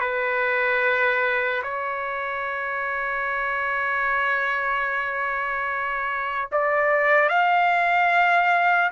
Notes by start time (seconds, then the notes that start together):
0.00 B4
1.63 C#5
6.52 D5
7.29 F5